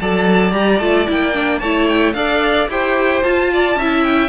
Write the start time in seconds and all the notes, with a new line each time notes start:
0.00 F#3 A4 D5 A5
0.51 G3 G4 A#5
0.79 A3 F4 A5
1.07 A#3 E4 G5
1.33 D4
1.59 A3 E4 C#5 A5
1.89 G5
2.13 D4 A4 D5 F5
2.68 E4 G4 C5 G5
3.23 F4 A5
3.53 D5
3.75 C#4 E5
3.81 E4
4.04 G5